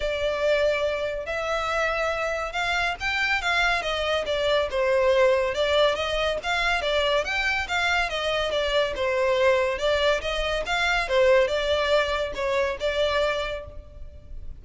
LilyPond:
\new Staff \with { instrumentName = "violin" } { \time 4/4 \tempo 4 = 141 d''2. e''4~ | e''2 f''4 g''4 | f''4 dis''4 d''4 c''4~ | c''4 d''4 dis''4 f''4 |
d''4 g''4 f''4 dis''4 | d''4 c''2 d''4 | dis''4 f''4 c''4 d''4~ | d''4 cis''4 d''2 | }